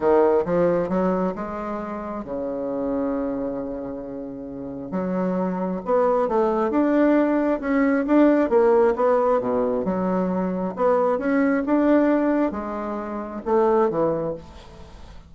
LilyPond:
\new Staff \with { instrumentName = "bassoon" } { \time 4/4 \tempo 4 = 134 dis4 f4 fis4 gis4~ | gis4 cis2.~ | cis2. fis4~ | fis4 b4 a4 d'4~ |
d'4 cis'4 d'4 ais4 | b4 b,4 fis2 | b4 cis'4 d'2 | gis2 a4 e4 | }